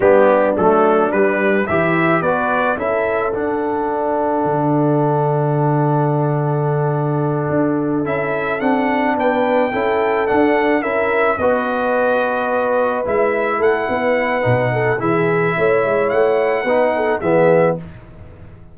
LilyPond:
<<
  \new Staff \with { instrumentName = "trumpet" } { \time 4/4 \tempo 4 = 108 g'4 a'4 b'4 e''4 | d''4 e''4 fis''2~ | fis''1~ | fis''2~ fis''8 e''4 fis''8~ |
fis''8 g''2 fis''4 e''8~ | e''8 dis''2. e''8~ | e''8 fis''2~ fis''8 e''4~ | e''4 fis''2 e''4 | }
  \new Staff \with { instrumentName = "horn" } { \time 4/4 d'2. e'4 | b'4 a'2.~ | a'1~ | a'1~ |
a'8 b'4 a'2 ais'8~ | ais'8 b'2.~ b'8~ | b'8 a'8 b'4. a'8 gis'4 | cis''2 b'8 a'8 gis'4 | }
  \new Staff \with { instrumentName = "trombone" } { \time 4/4 b4 a4 g4 g'4 | fis'4 e'4 d'2~ | d'1~ | d'2~ d'8 e'4 d'8~ |
d'4. e'4 d'4 e'8~ | e'8 fis'2. e'8~ | e'2 dis'4 e'4~ | e'2 dis'4 b4 | }
  \new Staff \with { instrumentName = "tuba" } { \time 4/4 g4 fis4 g4 e4 | b4 cis'4 d'2 | d1~ | d4. d'4 cis'4 c'8~ |
c'8 b4 cis'4 d'4 cis'8~ | cis'8 b2. gis8~ | gis8 a8 b4 b,4 e4 | a8 gis8 a4 b4 e4 | }
>>